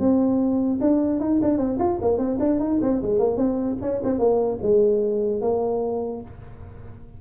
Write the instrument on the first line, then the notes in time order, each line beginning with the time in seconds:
tuba
0.00 C4
0.81 D4
1.20 D#4
1.42 D4
1.58 C4
1.79 F4
2.02 A#3
2.19 C4
2.40 D4
2.60 D#4
2.82 C4
3.02 G#3
3.20 A#3
3.37 C4
3.82 C#4
4.04 C4
4.19 A#3
4.62 G#3
5.41 A#3